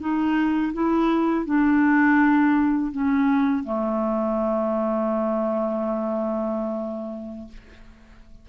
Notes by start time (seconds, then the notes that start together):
0.00 D#4
0.74 E4
1.46 D4
2.92 C#4
3.65 A3